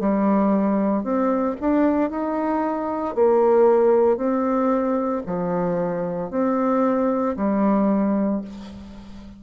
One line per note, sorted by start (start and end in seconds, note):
0.00 1.03 G3
1.03 1.56 C4
1.61 2.11 D4
2.11 3.15 D#4
3.15 4.17 A#3
4.17 5.22 C4
5.26 6.31 F3
6.31 7.36 C4
7.37 8.42 G3